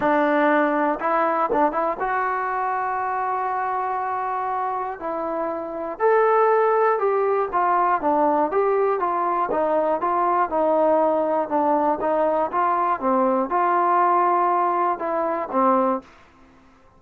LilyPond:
\new Staff \with { instrumentName = "trombone" } { \time 4/4 \tempo 4 = 120 d'2 e'4 d'8 e'8 | fis'1~ | fis'2 e'2 | a'2 g'4 f'4 |
d'4 g'4 f'4 dis'4 | f'4 dis'2 d'4 | dis'4 f'4 c'4 f'4~ | f'2 e'4 c'4 | }